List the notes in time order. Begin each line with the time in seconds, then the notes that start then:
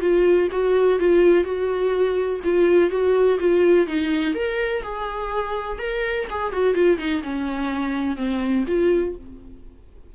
0.00 F4
0.51 F#4
0.99 F4
1.44 F#4
2.43 F4
2.90 F#4
3.39 F4
3.86 D#4
4.34 A#4
4.82 G#4
5.78 A#4
6.29 G#4
6.52 F#4
6.74 F4
6.98 D#4
7.23 C#4
8.16 C4
8.67 F4